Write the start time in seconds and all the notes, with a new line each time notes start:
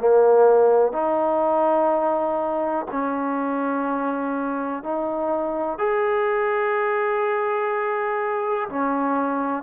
0.00 A#3
0.92 D#4
2.91 C#4
4.83 D#4
5.78 G#4
8.69 C#4